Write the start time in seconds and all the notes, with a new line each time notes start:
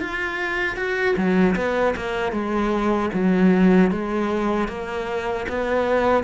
0.00 F4
0.77 F#4
1.17 F#3
1.56 B3
1.96 A#3
2.32 G#3
3.13 F#3
3.91 G#3
4.68 A#3
5.48 B3